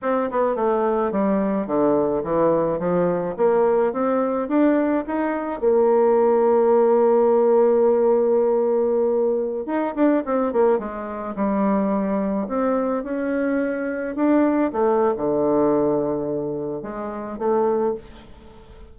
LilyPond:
\new Staff \with { instrumentName = "bassoon" } { \time 4/4 \tempo 4 = 107 c'8 b8 a4 g4 d4 | e4 f4 ais4 c'4 | d'4 dis'4 ais2~ | ais1~ |
ais4~ ais16 dis'8 d'8 c'8 ais8 gis8.~ | gis16 g2 c'4 cis'8.~ | cis'4~ cis'16 d'4 a8. d4~ | d2 gis4 a4 | }